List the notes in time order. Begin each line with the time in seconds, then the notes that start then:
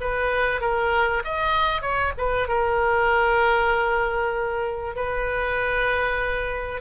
0.00 B4
0.60 A#4
1.24 D#5
1.81 C#5
2.17 B4
2.48 A#4
4.95 B4